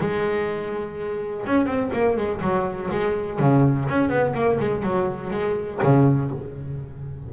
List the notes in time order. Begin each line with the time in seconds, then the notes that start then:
0.00 G#3
1.46 C#4
1.66 C4
1.93 A#3
2.16 G#3
2.41 F#3
2.90 G#3
3.39 C#3
3.88 C#4
4.09 B3
4.34 A#3
4.59 G#3
4.82 F#3
5.30 G#3
5.82 C#3